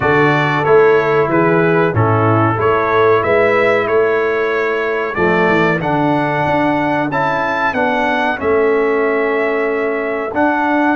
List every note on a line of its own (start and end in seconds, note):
0.00 0.64 D3
0.00 0.64 F#4
0.00 1.30 A4
0.00 0.64 D5
0.64 1.28 A3
0.64 1.93 E4
0.64 1.28 C#5
1.28 1.92 E3
1.28 1.94 G#4
1.28 1.94 B4
1.93 2.58 A2
1.93 2.56 C#4
1.93 2.55 E4
1.93 2.59 A4
2.55 3.23 A3
2.55 5.14 E4
2.55 3.20 A4
2.55 3.23 C#5
3.23 3.86 G#3
3.23 3.87 B4
3.23 3.87 E5
3.86 5.15 A3
3.86 10.95 A4
3.86 5.14 C#5
5.14 5.49 F3
5.14 5.80 A3
5.14 5.79 D5
5.49 5.80 E3
5.80 6.45 D3
5.80 7.09 D4
5.80 7.10 F#5
6.45 7.09 D4
7.09 7.73 C#4
7.09 7.74 E4
7.09 7.74 A5
7.73 8.37 B3
7.73 8.36 D4
7.73 8.38 F#5
8.36 10.33 A3
8.36 10.30 C#4
8.36 10.34 E5
10.33 10.95 D4
10.33 10.95 F#5